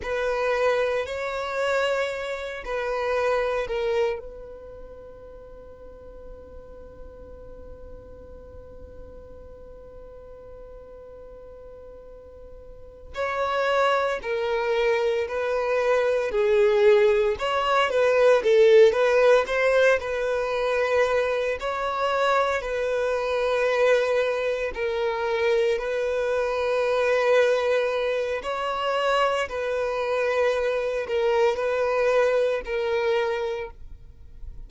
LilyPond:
\new Staff \with { instrumentName = "violin" } { \time 4/4 \tempo 4 = 57 b'4 cis''4. b'4 ais'8 | b'1~ | b'1~ | b'8 cis''4 ais'4 b'4 gis'8~ |
gis'8 cis''8 b'8 a'8 b'8 c''8 b'4~ | b'8 cis''4 b'2 ais'8~ | ais'8 b'2~ b'8 cis''4 | b'4. ais'8 b'4 ais'4 | }